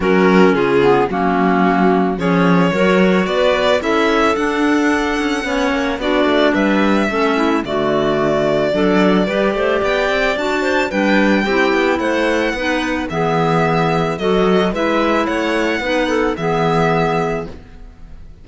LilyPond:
<<
  \new Staff \with { instrumentName = "violin" } { \time 4/4 \tempo 4 = 110 ais'4 gis'4 fis'2 | cis''2 d''4 e''4 | fis''2. d''4 | e''2 d''2~ |
d''2 g''4 a''4 | g''2 fis''2 | e''2 dis''4 e''4 | fis''2 e''2 | }
  \new Staff \with { instrumentName = "clarinet" } { \time 4/4 fis'4 f'4 cis'2 | gis'4 ais'4 b'4 a'4~ | a'2 cis''4 fis'4 | b'4 a'8 e'8 fis'2 |
a'4 b'8 c''8 d''4. c''8 | b'4 g'4 c''4 b'4 | gis'2 a'4 b'4 | cis''4 b'8 a'8 gis'2 | }
  \new Staff \with { instrumentName = "clarinet" } { \time 4/4 cis'4. b8 ais2 | cis'4 fis'2 e'4 | d'2 cis'4 d'4~ | d'4 cis'4 a2 |
d'4 g'2 fis'4 | d'4 e'2 dis'4 | b2 fis'4 e'4~ | e'4 dis'4 b2 | }
  \new Staff \with { instrumentName = "cello" } { \time 4/4 fis4 cis4 fis2 | f4 fis4 b4 cis'4 | d'4. cis'8 b8 ais8 b8 a8 | g4 a4 d2 |
fis4 g8 a8 b8 c'8 d'4 | g4 c'8 b8 a4 b4 | e2 fis4 gis4 | a4 b4 e2 | }
>>